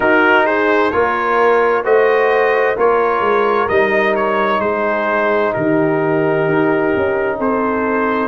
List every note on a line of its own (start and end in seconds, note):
0.00 0.92 D#4
0.00 0.45 F#4
0.00 0.46 A#4
0.45 0.91 G#4
0.45 0.90 C5
0.90 1.84 A#3
0.90 1.83 F4
0.90 1.83 A#4
0.90 1.83 C#5
1.83 2.76 A3
1.83 2.76 F#4
1.83 2.76 C5
1.83 2.77 D#5
2.76 3.20 A#3
2.76 3.68 F4
2.76 4.60 A#4
2.76 3.68 C#5
3.20 3.66 G#3
3.68 4.59 G3
3.68 8.27 D#4
3.68 4.14 D#5
4.15 4.60 C#5
4.59 5.52 G#3
4.59 5.53 G#4
4.59 5.52 C5
5.53 6.48 D#3
5.53 7.37 G4
5.53 7.38 A#4
6.48 6.94 D#4
6.96 7.38 C#4
7.37 8.27 C4
7.37 8.27 A4
7.37 8.27 C5